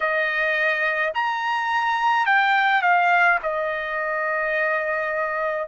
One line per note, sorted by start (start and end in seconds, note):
0.00 1.12 D#5
1.14 2.25 A#5
2.25 2.81 G5
2.81 3.38 F5
3.43 5.68 D#5